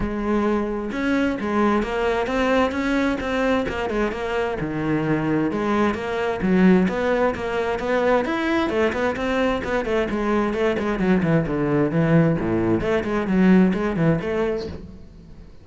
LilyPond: \new Staff \with { instrumentName = "cello" } { \time 4/4 \tempo 4 = 131 gis2 cis'4 gis4 | ais4 c'4 cis'4 c'4 | ais8 gis8 ais4 dis2 | gis4 ais4 fis4 b4 |
ais4 b4 e'4 a8 b8 | c'4 b8 a8 gis4 a8 gis8 | fis8 e8 d4 e4 a,4 | a8 gis8 fis4 gis8 e8 a4 | }